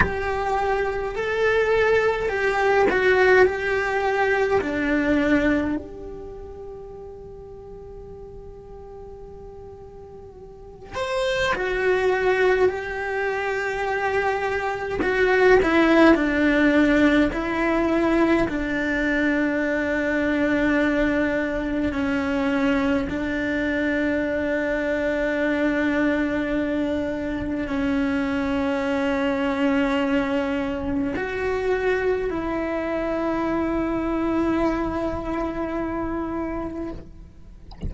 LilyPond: \new Staff \with { instrumentName = "cello" } { \time 4/4 \tempo 4 = 52 g'4 a'4 g'8 fis'8 g'4 | d'4 g'2.~ | g'4. c''8 fis'4 g'4~ | g'4 fis'8 e'8 d'4 e'4 |
d'2. cis'4 | d'1 | cis'2. fis'4 | e'1 | }